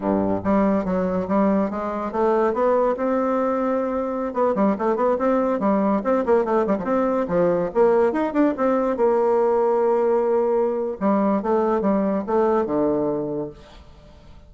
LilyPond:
\new Staff \with { instrumentName = "bassoon" } { \time 4/4 \tempo 4 = 142 g,4 g4 fis4 g4 | gis4 a4 b4 c'4~ | c'2~ c'16 b8 g8 a8 b16~ | b16 c'4 g4 c'8 ais8 a8 g16 |
f16 c'4 f4 ais4 dis'8 d'16~ | d'16 c'4 ais2~ ais8.~ | ais2 g4 a4 | g4 a4 d2 | }